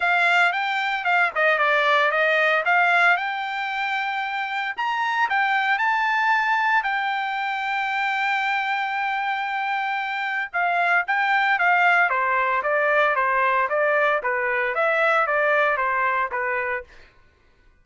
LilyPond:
\new Staff \with { instrumentName = "trumpet" } { \time 4/4 \tempo 4 = 114 f''4 g''4 f''8 dis''8 d''4 | dis''4 f''4 g''2~ | g''4 ais''4 g''4 a''4~ | a''4 g''2.~ |
g''1 | f''4 g''4 f''4 c''4 | d''4 c''4 d''4 b'4 | e''4 d''4 c''4 b'4 | }